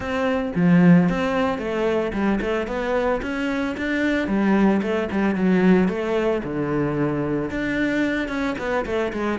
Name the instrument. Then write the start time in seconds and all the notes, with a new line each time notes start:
cello
0.00 C4
0.55 F3
1.09 C4
1.58 A3
2.12 G3
2.40 A3
2.67 B3
3.21 C#4
3.77 D4
4.27 G3
4.82 A3
5.11 G3
5.35 F#3
5.88 A3
6.43 D3
7.50 D4
8.28 C#4
8.58 B3
8.85 A3
9.12 G#3